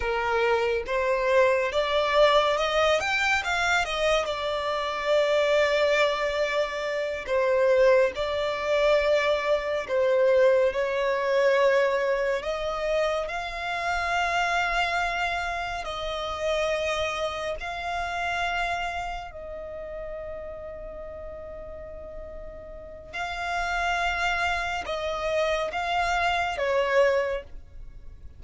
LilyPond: \new Staff \with { instrumentName = "violin" } { \time 4/4 \tempo 4 = 70 ais'4 c''4 d''4 dis''8 g''8 | f''8 dis''8 d''2.~ | d''8 c''4 d''2 c''8~ | c''8 cis''2 dis''4 f''8~ |
f''2~ f''8 dis''4.~ | dis''8 f''2 dis''4.~ | dis''2. f''4~ | f''4 dis''4 f''4 cis''4 | }